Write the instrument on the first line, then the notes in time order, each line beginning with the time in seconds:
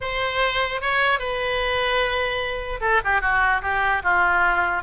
oboe
0.00 C5
0.81 C#5
1.19 B4
2.81 A4
3.04 G4
3.21 F#4
3.62 G4
4.03 F4